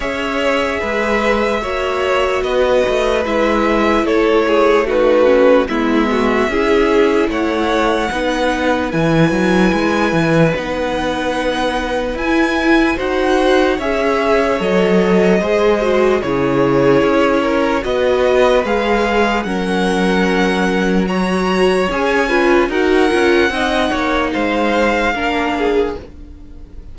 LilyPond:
<<
  \new Staff \with { instrumentName = "violin" } { \time 4/4 \tempo 4 = 74 e''2. dis''4 | e''4 cis''4 b'4 e''4~ | e''4 fis''2 gis''4~ | gis''4 fis''2 gis''4 |
fis''4 e''4 dis''2 | cis''2 dis''4 f''4 | fis''2 ais''4 gis''4 | fis''2 f''2 | }
  \new Staff \with { instrumentName = "violin" } { \time 4/4 cis''4 b'4 cis''4 b'4~ | b'4 a'8 gis'8 fis'4 e'8 fis'8 | gis'4 cis''4 b'2~ | b'1 |
c''4 cis''2 c''4 | gis'4. ais'8 b'2 | ais'2 cis''4. b'8 | ais'4 dis''8 cis''8 c''4 ais'8 gis'8 | }
  \new Staff \with { instrumentName = "viola" } { \time 4/4 gis'2 fis'2 | e'2 dis'8 cis'8 b4 | e'2 dis'4 e'4~ | e'4 dis'2 e'4 |
fis'4 gis'4 a'4 gis'8 fis'8 | e'2 fis'4 gis'4 | cis'2 fis'4 gis'8 f'8 | fis'8 f'8 dis'2 d'4 | }
  \new Staff \with { instrumentName = "cello" } { \time 4/4 cis'4 gis4 ais4 b8 a8 | gis4 a2 gis4 | cis'4 a4 b4 e8 fis8 | gis8 e8 b2 e'4 |
dis'4 cis'4 fis4 gis4 | cis4 cis'4 b4 gis4 | fis2. cis'4 | dis'8 cis'8 c'8 ais8 gis4 ais4 | }
>>